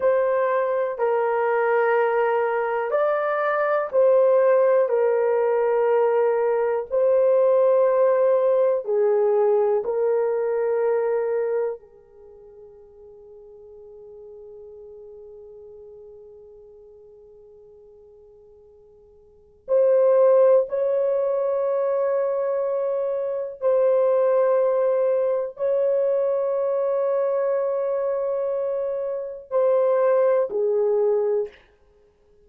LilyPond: \new Staff \with { instrumentName = "horn" } { \time 4/4 \tempo 4 = 61 c''4 ais'2 d''4 | c''4 ais'2 c''4~ | c''4 gis'4 ais'2 | gis'1~ |
gis'1 | c''4 cis''2. | c''2 cis''2~ | cis''2 c''4 gis'4 | }